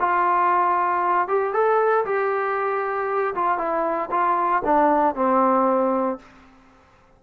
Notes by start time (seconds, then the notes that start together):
0.00 F4
1.29 G4
1.54 A4
2.05 G4
3.36 F4
3.59 E4
4.11 F4
4.65 D4
5.16 C4